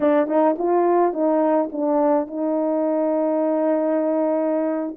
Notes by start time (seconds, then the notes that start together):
0.00 D4
0.27 D#4
0.58 F4
1.13 D#4
1.72 D4
2.27 D#4